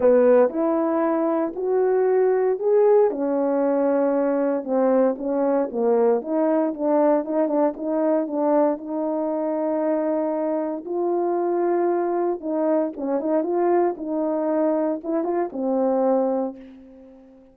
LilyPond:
\new Staff \with { instrumentName = "horn" } { \time 4/4 \tempo 4 = 116 b4 e'2 fis'4~ | fis'4 gis'4 cis'2~ | cis'4 c'4 cis'4 ais4 | dis'4 d'4 dis'8 d'8 dis'4 |
d'4 dis'2.~ | dis'4 f'2. | dis'4 cis'8 dis'8 f'4 dis'4~ | dis'4 e'8 f'8 c'2 | }